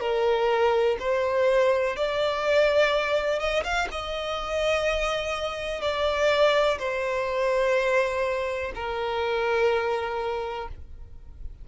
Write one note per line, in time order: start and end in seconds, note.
0.00 0.97 A#4
0.99 1.96 C5
1.96 3.40 D5
3.40 3.64 D#5
3.64 3.88 F5
3.91 5.82 D#5
5.82 6.78 D5
6.79 8.72 C5
8.75 10.68 A#4